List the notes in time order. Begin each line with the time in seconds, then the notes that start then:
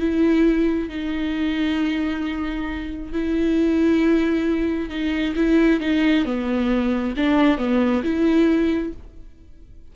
0.00 E4
0.90 D#4
3.13 E4
4.90 D#4
5.36 E4
5.81 D#4
6.26 B3
7.17 D4
7.58 B3
8.04 E4